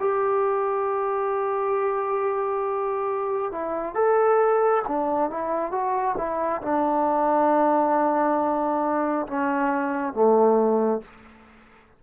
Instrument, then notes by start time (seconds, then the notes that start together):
trombone
0.00 G4
3.52 E4
3.95 A4
4.88 D4
5.30 E4
5.71 F#4
6.17 E4
6.62 D4
9.27 C#4
10.13 A3